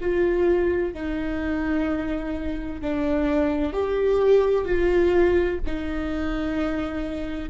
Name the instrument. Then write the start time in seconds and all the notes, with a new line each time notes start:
viola
0.00 F4
0.93 D#4
2.81 D4
3.72 G4
4.65 F4
5.66 D#4